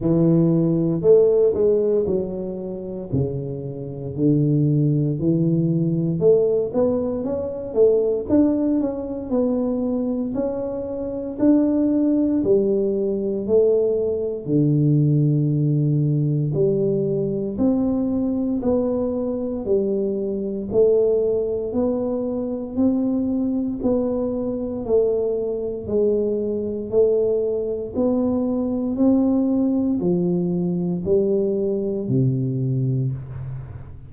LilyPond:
\new Staff \with { instrumentName = "tuba" } { \time 4/4 \tempo 4 = 58 e4 a8 gis8 fis4 cis4 | d4 e4 a8 b8 cis'8 a8 | d'8 cis'8 b4 cis'4 d'4 | g4 a4 d2 |
g4 c'4 b4 g4 | a4 b4 c'4 b4 | a4 gis4 a4 b4 | c'4 f4 g4 c4 | }